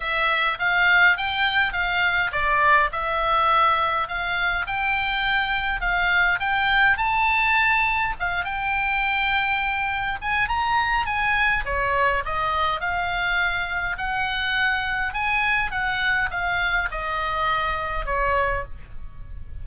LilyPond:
\new Staff \with { instrumentName = "oboe" } { \time 4/4 \tempo 4 = 103 e''4 f''4 g''4 f''4 | d''4 e''2 f''4 | g''2 f''4 g''4 | a''2 f''8 g''4.~ |
g''4. gis''8 ais''4 gis''4 | cis''4 dis''4 f''2 | fis''2 gis''4 fis''4 | f''4 dis''2 cis''4 | }